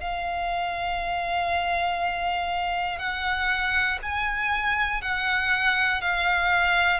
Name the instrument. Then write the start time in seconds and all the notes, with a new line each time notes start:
violin
0.00 F5
2.99 F#5
4.02 G#5
5.01 F#5
6.00 F5